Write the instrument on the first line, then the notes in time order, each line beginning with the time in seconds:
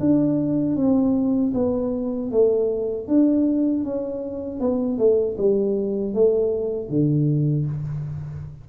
tuba
0.00 D4
0.76 C4
1.54 B3
2.31 A3
3.08 D4
3.84 C#4
4.60 B3
4.98 A3
5.37 G3
6.14 A3
6.89 D3